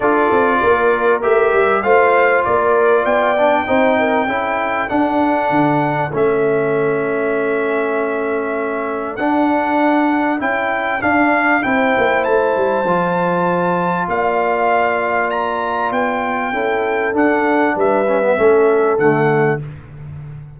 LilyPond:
<<
  \new Staff \with { instrumentName = "trumpet" } { \time 4/4 \tempo 4 = 98 d''2 e''4 f''4 | d''4 g''2. | fis''2 e''2~ | e''2. fis''4~ |
fis''4 g''4 f''4 g''4 | a''2. f''4~ | f''4 ais''4 g''2 | fis''4 e''2 fis''4 | }
  \new Staff \with { instrumentName = "horn" } { \time 4/4 a'4 ais'2 c''4 | ais'4 d''4 c''8 ais'8 a'4~ | a'1~ | a'1~ |
a'2. c''4~ | c''2. d''4~ | d''2. a'4~ | a'4 b'4 a'2 | }
  \new Staff \with { instrumentName = "trombone" } { \time 4/4 f'2 g'4 f'4~ | f'4. d'8 dis'4 e'4 | d'2 cis'2~ | cis'2. d'4~ |
d'4 e'4 d'4 e'4~ | e'4 f'2.~ | f'2. e'4 | d'4. cis'16 b16 cis'4 a4 | }
  \new Staff \with { instrumentName = "tuba" } { \time 4/4 d'8 c'8 ais4 a8 g8 a4 | ais4 b4 c'4 cis'4 | d'4 d4 a2~ | a2. d'4~ |
d'4 cis'4 d'4 c'8 ais8 | a8 g8 f2 ais4~ | ais2 b4 cis'4 | d'4 g4 a4 d4 | }
>>